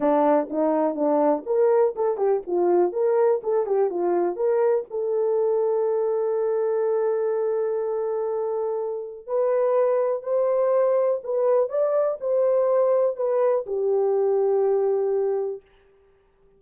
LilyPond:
\new Staff \with { instrumentName = "horn" } { \time 4/4 \tempo 4 = 123 d'4 dis'4 d'4 ais'4 | a'8 g'8 f'4 ais'4 a'8 g'8 | f'4 ais'4 a'2~ | a'1~ |
a'2. b'4~ | b'4 c''2 b'4 | d''4 c''2 b'4 | g'1 | }